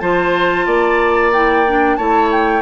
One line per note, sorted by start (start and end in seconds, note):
0.00 0.67 F3
0.00 1.33 F4
0.00 0.67 C5
0.00 1.32 A5
0.67 1.99 A#3
0.67 1.98 D5
1.33 1.67 E4
1.33 1.97 G5
1.67 1.99 D4
1.97 2.63 A3
1.97 2.63 E4
1.97 2.63 C#5
1.97 2.30 A5
2.32 2.63 G5